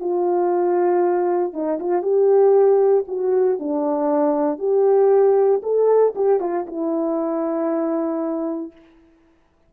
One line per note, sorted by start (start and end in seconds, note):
0.00 1.53 F4
1.53 1.79 D#4
1.79 2.02 F4
2.02 3.05 G4
3.08 3.59 F#4
3.59 4.59 D4
4.59 5.61 G4
5.63 6.14 A4
6.15 6.40 G4
6.40 6.66 F4
6.67 8.72 E4